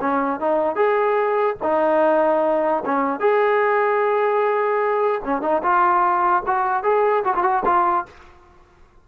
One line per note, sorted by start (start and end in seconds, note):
0.00 0.40 C#4
0.40 0.75 D#4
0.75 1.56 G#4
1.63 2.83 D#4
2.85 3.20 C#4
3.20 5.21 G#4
5.24 5.42 C#4
5.42 5.62 D#4
5.62 6.43 F4
6.46 6.83 F#4
6.83 7.23 G#4
7.24 7.34 F#4
7.35 7.43 F4
7.43 7.63 F#4
7.65 8.05 F4